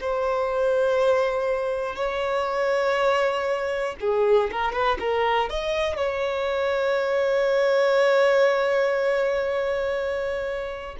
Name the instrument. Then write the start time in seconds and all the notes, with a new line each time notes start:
violin
0.00 C5
1.95 C#5
4.00 G#4
4.51 A#4
4.72 B4
5.00 A#4
5.49 D#5
5.96 C#5